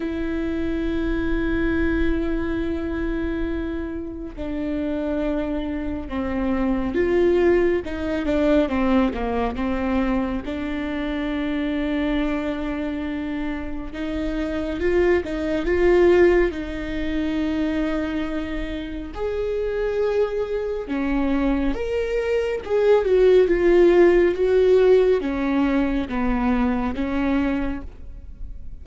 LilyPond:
\new Staff \with { instrumentName = "viola" } { \time 4/4 \tempo 4 = 69 e'1~ | e'4 d'2 c'4 | f'4 dis'8 d'8 c'8 ais8 c'4 | d'1 |
dis'4 f'8 dis'8 f'4 dis'4~ | dis'2 gis'2 | cis'4 ais'4 gis'8 fis'8 f'4 | fis'4 cis'4 b4 cis'4 | }